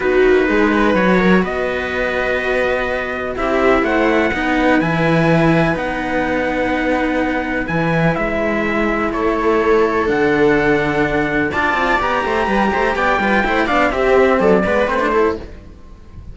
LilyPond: <<
  \new Staff \with { instrumentName = "trumpet" } { \time 4/4 \tempo 4 = 125 b'2 cis''4 dis''4~ | dis''2. e''4 | fis''2 gis''2 | fis''1 |
gis''4 e''2 cis''4~ | cis''4 fis''2. | a''4 ais''2 g''4~ | g''8 f''8 e''4 d''4 c''4 | }
  \new Staff \with { instrumentName = "viola" } { \time 4/4 fis'4 gis'8 b'4 ais'8 b'4~ | b'2. g'4 | c''4 b'2.~ | b'1~ |
b'2. a'4~ | a'1 | d''4. c''8 b'8 c''8 d''8 b'8 | c''8 d''8 g'4 a'8 b'4 a'8 | }
  \new Staff \with { instrumentName = "cello" } { \time 4/4 dis'2 fis'2~ | fis'2. e'4~ | e'4 dis'4 e'2 | dis'1 |
e'1~ | e'4 d'2. | f'4 g'2~ g'8 f'8 | e'8 d'8 c'4. b8 c'16 d'16 e'8 | }
  \new Staff \with { instrumentName = "cello" } { \time 4/4 b8 ais8 gis4 fis4 b4~ | b2. c'4 | a4 b4 e2 | b1 |
e4 gis2 a4~ | a4 d2. | d'8 c'8 b8 a8 g8 a8 b8 g8 | a8 b8 c'4 fis8 gis8 a4 | }
>>